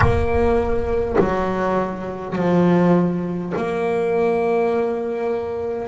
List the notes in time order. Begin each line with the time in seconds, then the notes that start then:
0.00 A#3
1.18 F#3
2.35 F3
3.56 A#3